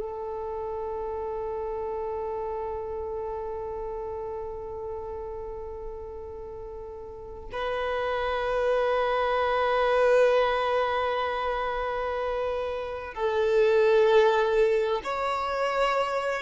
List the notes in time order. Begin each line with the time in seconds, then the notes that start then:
0.00 A4
7.53 B4
13.15 A4
15.04 C#5